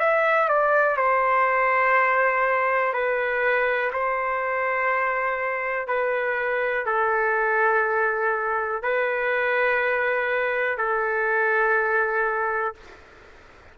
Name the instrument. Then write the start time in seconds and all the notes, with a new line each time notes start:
trumpet
0.00 E5
0.48 D5
0.97 C5
2.93 B4
3.93 C5
5.87 B4
6.86 A4
8.83 B4
10.77 A4